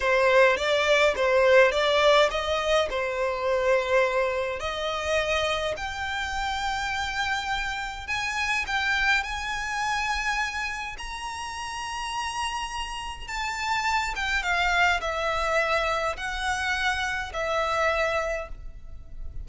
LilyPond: \new Staff \with { instrumentName = "violin" } { \time 4/4 \tempo 4 = 104 c''4 d''4 c''4 d''4 | dis''4 c''2. | dis''2 g''2~ | g''2 gis''4 g''4 |
gis''2. ais''4~ | ais''2. a''4~ | a''8 g''8 f''4 e''2 | fis''2 e''2 | }